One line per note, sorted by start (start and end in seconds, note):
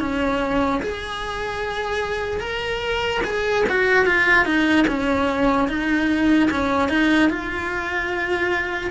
0.00 0.81 C#4
0.83 2.40 G#4
2.40 3.21 A#4
3.24 3.65 G#4
3.69 4.06 F#4
4.06 4.46 F4
4.46 4.86 D#4
4.88 5.68 C#4
5.68 6.49 D#4
6.51 6.89 C#4
6.89 7.30 D#4
7.30 8.91 F4